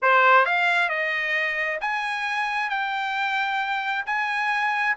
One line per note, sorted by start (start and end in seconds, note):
0.02 0.45 C5
0.45 0.89 F5
0.89 1.79 D#5
1.80 2.69 G#5
2.69 4.05 G5
4.06 4.96 G#5